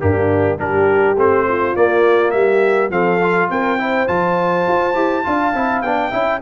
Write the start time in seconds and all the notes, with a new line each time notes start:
0.00 G2 A#3 D4 G4
0.57 G3 D4 G4 A#4
1.16 A3 C4 C5
1.48 F4
1.75 A#3 D5
2.31 G3 E5
2.37 G4
2.89 F3 C4 A4 F5
3.22 F4
3.50 C4 A#4 G5
3.78 E4 C5
4.07 F3 F4 A5
4.68 F4
4.94 E4 G4
5.23 D4 F4 F5
5.54 C4 E4
5.81 B3 D4 G5
6.11 C#4 E4 E5